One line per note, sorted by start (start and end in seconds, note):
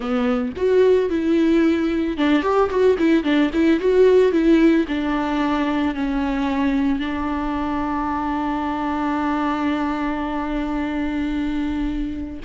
0.00 0.53 B3
0.56 1.09 F#4
1.09 2.17 E4
2.17 2.42 D4
2.42 2.69 G4
2.70 2.97 F#4
2.98 3.23 E4
3.23 3.50 D4
3.53 3.80 E4
3.80 4.32 F#4
4.32 4.86 E4
4.88 5.94 D4
5.94 6.99 C#4
6.99 12.39 D4